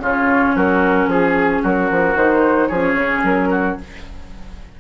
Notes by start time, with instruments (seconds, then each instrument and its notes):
0.00 bassoon C#3, clarinet C#4, oboe F4, flute C#5
0.56 bassoon F#3, oboe F#4, flute A#4
1.08 bassoon F3, flute G#4, oboe G#4
1.63 bassoon F#3, oboe F#4, flute A#4
1.91 bassoon F3
2.15 bassoon D#3, clarinet D#4, flute C5
2.68 bassoon F3, clarinet C#4, oboe G#4, flute C#5
2.95 bassoon C#3
3.24 bassoon F#3, flute A#4
3.51 oboe F#4